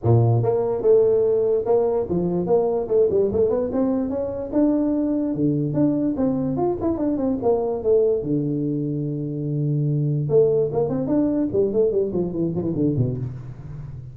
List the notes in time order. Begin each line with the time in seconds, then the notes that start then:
0.03 A#2
0.43 A#3
0.82 A3
1.65 A#3
2.09 F3
2.46 A#3
2.88 A3
3.10 G3
3.32 A3
3.50 B3
3.72 C4
4.09 C#4
4.52 D4
5.34 D3
5.73 D4
6.16 C4
6.56 F4
6.81 E4
6.97 D4
7.17 C4
7.42 A#3
7.83 A3
8.22 D3
10.29 A3
10.72 A#3
10.89 C4
11.07 D4
11.52 G3
11.72 A3
11.91 G3
12.12 F3
12.32 E3
12.55 F3
12.62 E3
12.75 D3
12.96 B2